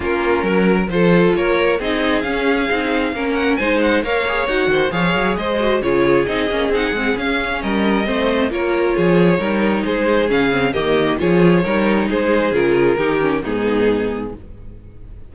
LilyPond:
<<
  \new Staff \with { instrumentName = "violin" } { \time 4/4 \tempo 4 = 134 ais'2 c''4 cis''4 | dis''4 f''2~ f''8 fis''8 | gis''8 fis''8 f''4 fis''4 f''4 | dis''4 cis''4 dis''4 fis''4 |
f''4 dis''2 cis''4~ | cis''2 c''4 f''4 | dis''4 cis''2 c''4 | ais'2 gis'2 | }
  \new Staff \with { instrumentName = "violin" } { \time 4/4 f'4 ais'4 a'4 ais'4 | gis'2. ais'4 | c''4 cis''4. c''8 cis''4 | c''4 gis'2.~ |
gis'4 ais'4 c''4 ais'4 | gis'4 ais'4 gis'2 | g'4 gis'4 ais'4 gis'4~ | gis'4 g'4 dis'2 | }
  \new Staff \with { instrumentName = "viola" } { \time 4/4 cis'2 f'2 | dis'4 cis'4 dis'4 cis'4 | dis'4 ais'8 gis'8 fis'4 gis'4~ | gis'8 fis'8 f'4 dis'8 cis'8 dis'8 c'8 |
cis'2 c'4 f'4~ | f'4 dis'2 cis'8 c'8 | ais4 f'4 dis'2 | f'4 dis'8 cis'8 b2 | }
  \new Staff \with { instrumentName = "cello" } { \time 4/4 ais4 fis4 f4 ais4 | c'4 cis'4 c'4 ais4 | gis4 ais4 dis'8 dis8 f8 fis8 | gis4 cis4 c'8 ais8 c'8 gis8 |
cis'4 g4 a4 ais4 | f4 g4 gis4 cis4 | dis4 f4 g4 gis4 | cis4 dis4 gis,2 | }
>>